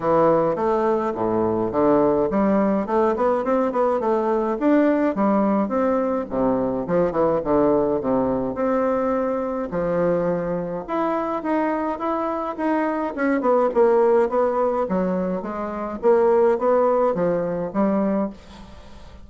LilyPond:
\new Staff \with { instrumentName = "bassoon" } { \time 4/4 \tempo 4 = 105 e4 a4 a,4 d4 | g4 a8 b8 c'8 b8 a4 | d'4 g4 c'4 c4 | f8 e8 d4 c4 c'4~ |
c'4 f2 e'4 | dis'4 e'4 dis'4 cis'8 b8 | ais4 b4 fis4 gis4 | ais4 b4 f4 g4 | }